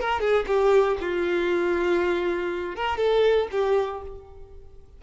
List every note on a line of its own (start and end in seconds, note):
0.00 0.20 A#4
0.20 0.45 G#4
0.47 0.97 G4
1.00 2.76 F4
2.76 2.97 A#4
2.97 3.48 A4
3.52 4.02 G4